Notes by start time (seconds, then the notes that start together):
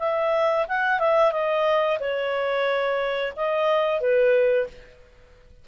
0.00 E5
0.69 F#5
1.00 E5
1.32 D#5
2.00 C#5
3.37 D#5
4.01 B4